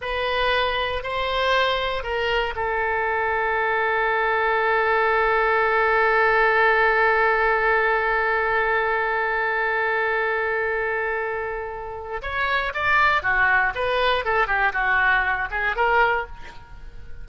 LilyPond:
\new Staff \with { instrumentName = "oboe" } { \time 4/4 \tempo 4 = 118 b'2 c''2 | ais'4 a'2.~ | a'1~ | a'1~ |
a'1~ | a'1 | cis''4 d''4 fis'4 b'4 | a'8 g'8 fis'4. gis'8 ais'4 | }